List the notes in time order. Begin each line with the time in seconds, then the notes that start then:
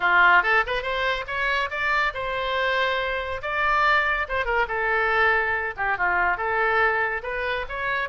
0.00 F4
0.43 A4
0.66 B4
0.82 C5
1.27 C#5
1.70 D5
2.14 C5
3.42 D5
4.28 C5
4.45 A#4
4.68 A4
5.76 G4
5.97 F4
6.37 A4
7.22 B4
7.68 C#5